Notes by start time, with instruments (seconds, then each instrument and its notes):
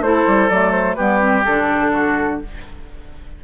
0.00 bassoon A3, clarinet E4, oboe A4, flute C5
0.26 bassoon G3
0.49 bassoon F#3, clarinet A3, flute D5
0.71 flute C5
0.94 bassoon G3, clarinet B3, oboe G4, flute B4
1.19 clarinet C4
1.44 bassoon D3, clarinet D4, flute A4
1.92 oboe F#4